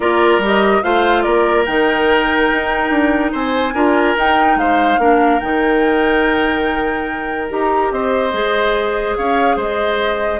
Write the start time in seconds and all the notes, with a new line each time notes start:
0.00 A#3 F4 A#4 D5
0.38 G3 G4
0.45 D#5
0.82 A3 F4 C5 F5
1.22 A#3 A#4 D5
1.65 D#3 D#4 G5
2.52 D#4
2.89 D4
3.31 C4 C5 G#5
3.74 D4 F4 A#4
4.16 D#4 G5
4.55 G#3 C5 F5
4.98 A#3 D4 A#4
5.39 D#3 D#4 G5
7.49 D#4 G4 A#5
7.91 C4 C5 D#5
8.32 G#3 G#4
9.16 C#4 C#5 F5
9.56 G#3 C5 D#5